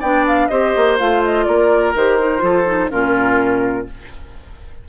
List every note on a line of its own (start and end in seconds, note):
0.00 0.50 B3
0.00 0.51 D4
0.00 0.48 D5
0.00 0.26 G5
0.27 0.48 F5
0.48 0.75 C4
0.48 0.99 G4
0.48 1.46 C5
0.48 0.96 D#5
0.77 1.01 A#3
0.99 1.48 A3
0.99 1.95 F4
0.99 1.23 F5
1.24 1.45 D#5
1.45 1.95 A#3
1.45 2.43 A#4
1.45 1.93 D5
1.95 2.42 D#3
1.95 2.19 G4
1.95 2.91 C5
2.19 2.39 D#4
2.39 2.90 F3
2.39 2.63 F4
2.39 2.91 A4
2.66 2.90 D#4
2.90 3.89 A#2
2.90 3.86 C#4
2.90 3.87 F4
2.90 3.87 A#4